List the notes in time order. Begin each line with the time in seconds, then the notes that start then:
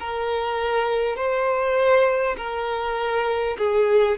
0.00 A#4
1.17 C5
2.37 A#4
3.58 G#4